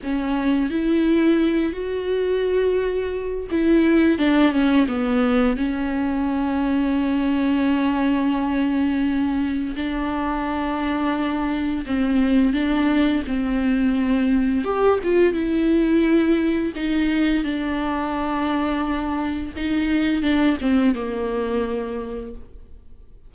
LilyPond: \new Staff \with { instrumentName = "viola" } { \time 4/4 \tempo 4 = 86 cis'4 e'4. fis'4.~ | fis'4 e'4 d'8 cis'8 b4 | cis'1~ | cis'2 d'2~ |
d'4 c'4 d'4 c'4~ | c'4 g'8 f'8 e'2 | dis'4 d'2. | dis'4 d'8 c'8 ais2 | }